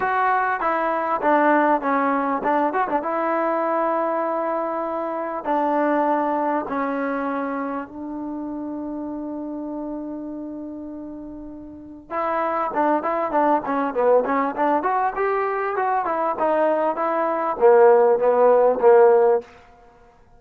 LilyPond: \new Staff \with { instrumentName = "trombone" } { \time 4/4 \tempo 4 = 99 fis'4 e'4 d'4 cis'4 | d'8 fis'16 d'16 e'2.~ | e'4 d'2 cis'4~ | cis'4 d'2.~ |
d'1 | e'4 d'8 e'8 d'8 cis'8 b8 cis'8 | d'8 fis'8 g'4 fis'8 e'8 dis'4 | e'4 ais4 b4 ais4 | }